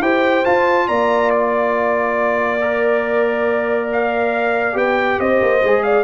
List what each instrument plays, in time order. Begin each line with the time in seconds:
0.00 tuba E4, trombone G4, horn C5, trumpet G5
0.44 trombone F4, tuba F4, trumpet A5
0.87 tuba A#3, horn D5, trumpet A#5
1.30 trumpet D5
2.61 trombone A#4
3.92 trumpet F5
4.73 tuba B3, trombone G4, trumpet G5
5.19 tuba C4, horn C5, trumpet D#5
5.41 tuba A#3
5.63 tuba G#3, trombone G#4
5.83 horn D5, trumpet F5